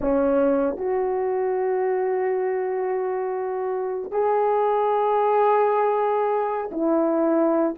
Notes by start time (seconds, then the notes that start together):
0.00 C#4
0.76 F#4
4.11 G#4
6.71 E4